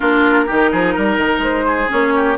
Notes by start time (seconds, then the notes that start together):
0.00 A#3 D4 F4 A#4
0.46 D#3 D#4 G4
0.71 F3 G#4
0.94 G3 A#4
1.17 D#3
1.38 G#3 C5
1.66 G#4
1.89 A#3 C#4 C#5
2.15 G4